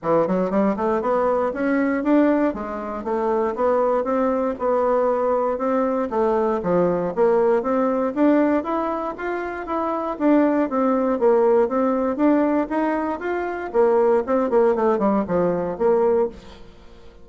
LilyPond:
\new Staff \with { instrumentName = "bassoon" } { \time 4/4 \tempo 4 = 118 e8 fis8 g8 a8 b4 cis'4 | d'4 gis4 a4 b4 | c'4 b2 c'4 | a4 f4 ais4 c'4 |
d'4 e'4 f'4 e'4 | d'4 c'4 ais4 c'4 | d'4 dis'4 f'4 ais4 | c'8 ais8 a8 g8 f4 ais4 | }